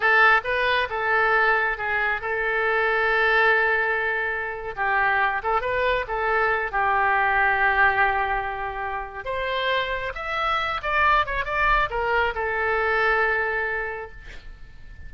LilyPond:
\new Staff \with { instrumentName = "oboe" } { \time 4/4 \tempo 4 = 136 a'4 b'4 a'2 | gis'4 a'2.~ | a'2~ a'8. g'4~ g'16~ | g'16 a'8 b'4 a'4. g'8.~ |
g'1~ | g'4 c''2 e''4~ | e''8 d''4 cis''8 d''4 ais'4 | a'1 | }